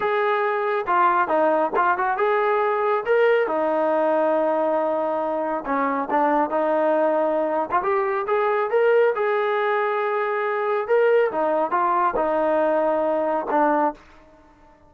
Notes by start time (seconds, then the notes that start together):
0.00 G#4
0.87 F4
1.27 D#4
1.76 F4
1.97 F#4
2.17 G#4
3.05 A#4
3.47 D#4
5.65 C#4
6.10 D4
6.50 D#4
7.71 F4
7.82 G4
8.26 G#4
8.70 A#4
9.15 G#4
10.87 A#4
11.31 D#4
11.70 F4
12.16 D#4
13.50 D4